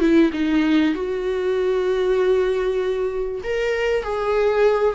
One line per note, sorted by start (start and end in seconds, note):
0.00 0.31 E4
0.33 0.94 D#4
0.94 3.42 F#4
3.44 4.03 A#4
4.03 4.95 G#4